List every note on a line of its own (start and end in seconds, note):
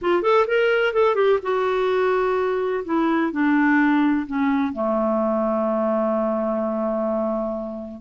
0.01 0.22 F4
0.22 0.46 A4
0.47 0.93 A#4
0.93 1.15 A4
1.15 1.38 G4
1.42 2.84 F#4
2.85 3.32 E4
3.32 4.26 D4
4.26 4.72 C#4
4.72 8.01 A3